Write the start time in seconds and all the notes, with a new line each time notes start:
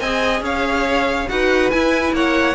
0.00 C4 G#4 D#5 G#5
0.41 C#4 C#5 F5
1.29 D#4 F#4 B4 F#5
1.71 E4 G#5
2.12 A#3 C#5 F#5